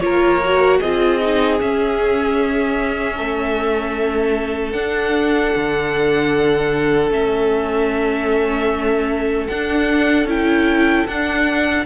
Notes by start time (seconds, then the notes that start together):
0.00 A#3 F4 A#4 C#5
0.44 F#4
0.79 C4 F4 G#4 D#5
1.20 D#4
1.59 C#4 E5
3.16 A3 A4
4.72 D4 F#5
5.56 D3
7.11 A3 C#4 E5
9.47 D4 F#5
10.25 C#4 E4 G5
11.07 D4 F#5